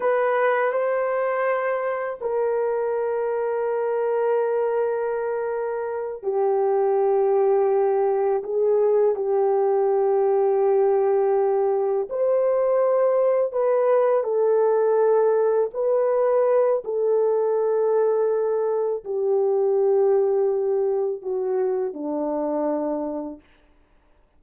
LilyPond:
\new Staff \with { instrumentName = "horn" } { \time 4/4 \tempo 4 = 82 b'4 c''2 ais'4~ | ais'1~ | ais'8 g'2. gis'8~ | gis'8 g'2.~ g'8~ |
g'8 c''2 b'4 a'8~ | a'4. b'4. a'4~ | a'2 g'2~ | g'4 fis'4 d'2 | }